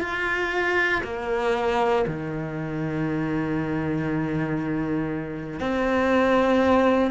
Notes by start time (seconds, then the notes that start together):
0.00 F4
1.04 A#3
2.07 D#3
5.60 C4